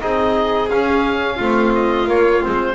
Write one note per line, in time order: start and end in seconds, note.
0.00 0.70 C4
0.00 0.69 D#4
0.00 1.36 G#4
0.00 0.70 D#5
0.70 1.39 C#4
0.70 1.40 C#4
0.70 1.73 F5
1.36 2.08 A3
1.36 2.07 C4
1.36 2.74 F4
1.75 2.09 D#5
2.07 2.41 A#3
2.07 2.42 A#3
2.07 2.44 C#5
2.41 2.75 G#3
2.41 2.75 C4
2.41 2.75 C5